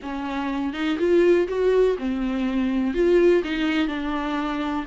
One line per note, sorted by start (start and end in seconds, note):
0.02 0.73 C#4
0.73 0.97 D#4
0.98 1.47 F4
1.48 1.96 F#4
1.98 2.94 C4
2.94 3.43 F4
3.43 3.87 D#4
3.87 4.85 D4